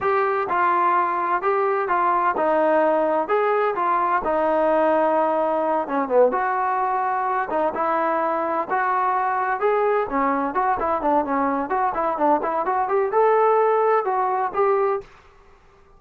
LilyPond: \new Staff \with { instrumentName = "trombone" } { \time 4/4 \tempo 4 = 128 g'4 f'2 g'4 | f'4 dis'2 gis'4 | f'4 dis'2.~ | dis'8 cis'8 b8 fis'2~ fis'8 |
dis'8 e'2 fis'4.~ | fis'8 gis'4 cis'4 fis'8 e'8 d'8 | cis'4 fis'8 e'8 d'8 e'8 fis'8 g'8 | a'2 fis'4 g'4 | }